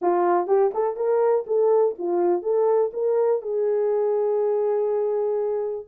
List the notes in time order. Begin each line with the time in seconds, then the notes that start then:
0.01 F4
0.47 G4
0.74 A4
0.96 A#4
1.46 A4
1.98 F4
2.42 A4
2.93 A#4
3.42 G#4